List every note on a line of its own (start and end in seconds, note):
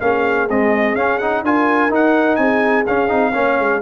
0.00 0.49 A#3
0.00 0.49 C#4
0.00 1.45 G#4
0.00 0.48 F5
0.50 0.96 G#3
0.50 0.95 C4
0.50 0.95 D#5
0.95 1.43 C#4
0.95 1.20 C#4
0.95 1.18 F5
1.18 1.45 D#4
1.18 1.42 F#5
1.43 1.89 D4
1.43 1.90 F4
1.43 2.40 A#4
1.43 1.93 G#5
1.89 2.37 D#4
1.89 2.85 D#4
1.89 2.36 F#5
2.36 2.85 C4
2.36 3.31 G#4
2.36 2.83 G#5
2.86 3.11 C#4
2.86 3.08 C#4
2.86 3.82 F5
3.08 3.35 C4
3.08 3.32 D#4
3.31 3.59 A#3
3.31 3.82 C#4
3.31 3.78 C#5
3.59 3.82 G#3